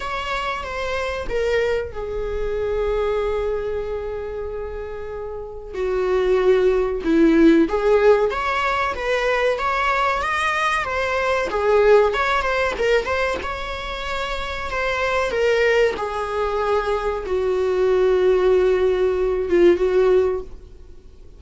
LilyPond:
\new Staff \with { instrumentName = "viola" } { \time 4/4 \tempo 4 = 94 cis''4 c''4 ais'4 gis'4~ | gis'1~ | gis'4 fis'2 e'4 | gis'4 cis''4 b'4 cis''4 |
dis''4 c''4 gis'4 cis''8 c''8 | ais'8 c''8 cis''2 c''4 | ais'4 gis'2 fis'4~ | fis'2~ fis'8 f'8 fis'4 | }